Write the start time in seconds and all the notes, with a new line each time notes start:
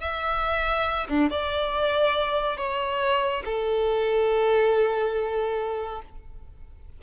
0.00 E5
1.09 D4
1.30 D5
2.57 C#5
3.45 A4